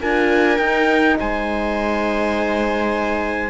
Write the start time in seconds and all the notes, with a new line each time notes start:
0.00 D4 F4 A#4 G#5
0.58 D#4 G5
1.20 G#3 C5 G#5